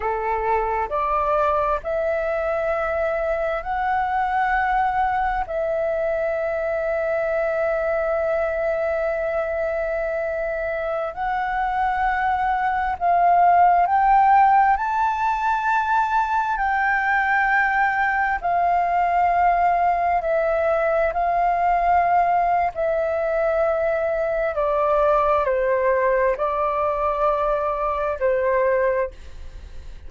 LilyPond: \new Staff \with { instrumentName = "flute" } { \time 4/4 \tempo 4 = 66 a'4 d''4 e''2 | fis''2 e''2~ | e''1~ | e''16 fis''2 f''4 g''8.~ |
g''16 a''2 g''4.~ g''16~ | g''16 f''2 e''4 f''8.~ | f''4 e''2 d''4 | c''4 d''2 c''4 | }